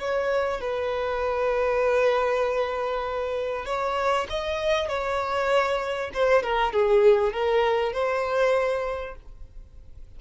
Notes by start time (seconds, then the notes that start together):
0.00 C#5
0.61 B4
3.66 C#5
4.30 D#5
4.89 C#5
6.14 C5
6.43 A#4
6.73 G#4
7.33 A#4
7.93 C5